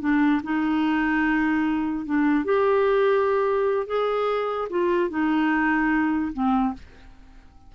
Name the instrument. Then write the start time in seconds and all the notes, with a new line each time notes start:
clarinet
0.00 D4
0.43 D#4
2.05 D4
2.44 G4
3.86 G#4
4.69 F4
5.09 D#4
6.33 C4